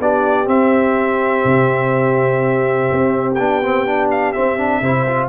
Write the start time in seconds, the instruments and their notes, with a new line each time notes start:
0.00 tuba B3, trombone D4, horn G4, trumpet D5
0.46 trombone C4, tuba C4, trumpet E5
1.45 tuba C3
2.92 tuba C4
3.35 tuba B3, trombone D4, trumpet G5
3.63 trombone C4
3.86 trombone D4
4.11 trumpet F5
4.33 trombone C4, tuba C4, trumpet E5
4.58 trombone D4
4.82 tuba C3, trombone E4, horn C5
5.08 trombone F4